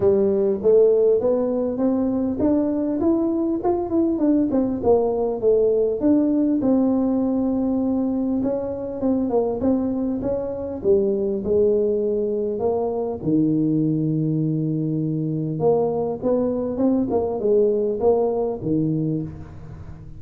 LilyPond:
\new Staff \with { instrumentName = "tuba" } { \time 4/4 \tempo 4 = 100 g4 a4 b4 c'4 | d'4 e'4 f'8 e'8 d'8 c'8 | ais4 a4 d'4 c'4~ | c'2 cis'4 c'8 ais8 |
c'4 cis'4 g4 gis4~ | gis4 ais4 dis2~ | dis2 ais4 b4 | c'8 ais8 gis4 ais4 dis4 | }